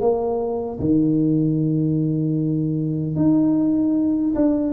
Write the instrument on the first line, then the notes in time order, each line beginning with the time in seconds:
tuba
0.00 A#3
0.79 D#3
3.16 D#4
4.35 D4